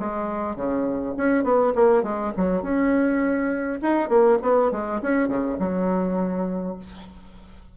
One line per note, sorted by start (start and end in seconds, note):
0.00 0.56 G#3
0.56 1.15 C#3
1.17 1.44 C#4
1.44 1.74 B3
1.75 2.03 A#3
2.03 2.33 G#3
2.38 2.63 F#3
2.63 3.80 C#4
3.82 4.09 D#4
4.09 4.39 A#3
4.43 4.72 B3
4.72 5.01 G#3
5.02 5.29 C#4
5.29 5.58 C#3
5.59 6.77 F#3